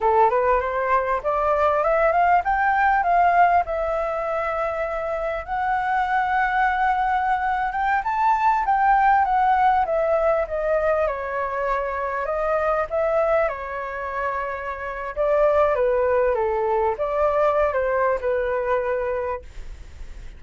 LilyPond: \new Staff \with { instrumentName = "flute" } { \time 4/4 \tempo 4 = 99 a'8 b'8 c''4 d''4 e''8 f''8 | g''4 f''4 e''2~ | e''4 fis''2.~ | fis''8. g''8 a''4 g''4 fis''8.~ |
fis''16 e''4 dis''4 cis''4.~ cis''16~ | cis''16 dis''4 e''4 cis''4.~ cis''16~ | cis''4 d''4 b'4 a'4 | d''4~ d''16 c''8. b'2 | }